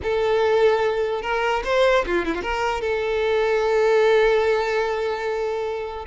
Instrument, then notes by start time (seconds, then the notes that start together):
violin
0.02 A4
1.22 A#4
1.64 C5
2.05 F4
2.25 E4
2.34 F4
2.42 A#4
2.81 A4